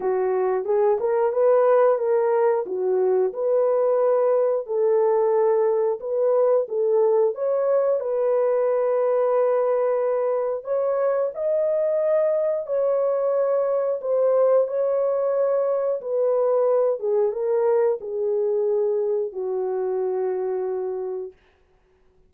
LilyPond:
\new Staff \with { instrumentName = "horn" } { \time 4/4 \tempo 4 = 90 fis'4 gis'8 ais'8 b'4 ais'4 | fis'4 b'2 a'4~ | a'4 b'4 a'4 cis''4 | b'1 |
cis''4 dis''2 cis''4~ | cis''4 c''4 cis''2 | b'4. gis'8 ais'4 gis'4~ | gis'4 fis'2. | }